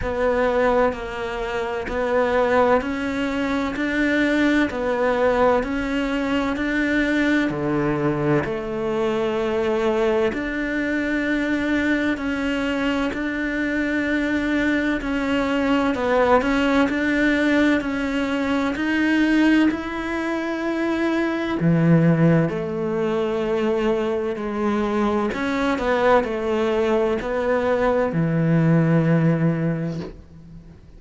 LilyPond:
\new Staff \with { instrumentName = "cello" } { \time 4/4 \tempo 4 = 64 b4 ais4 b4 cis'4 | d'4 b4 cis'4 d'4 | d4 a2 d'4~ | d'4 cis'4 d'2 |
cis'4 b8 cis'8 d'4 cis'4 | dis'4 e'2 e4 | a2 gis4 cis'8 b8 | a4 b4 e2 | }